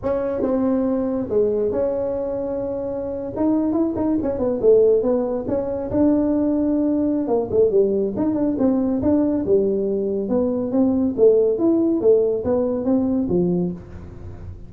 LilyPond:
\new Staff \with { instrumentName = "tuba" } { \time 4/4 \tempo 4 = 140 cis'4 c'2 gis4 | cis'2.~ cis'8. dis'16~ | dis'8. e'8 dis'8 cis'8 b8 a4 b16~ | b8. cis'4 d'2~ d'16~ |
d'4 ais8 a8 g4 dis'8 d'8 | c'4 d'4 g2 | b4 c'4 a4 e'4 | a4 b4 c'4 f4 | }